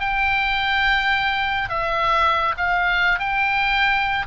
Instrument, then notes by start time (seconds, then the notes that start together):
oboe
0.00 G5
1.69 E5
2.57 F5
3.19 G5